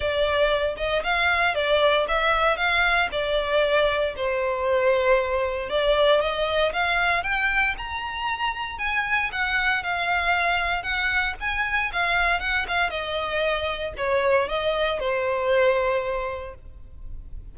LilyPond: \new Staff \with { instrumentName = "violin" } { \time 4/4 \tempo 4 = 116 d''4. dis''8 f''4 d''4 | e''4 f''4 d''2 | c''2. d''4 | dis''4 f''4 g''4 ais''4~ |
ais''4 gis''4 fis''4 f''4~ | f''4 fis''4 gis''4 f''4 | fis''8 f''8 dis''2 cis''4 | dis''4 c''2. | }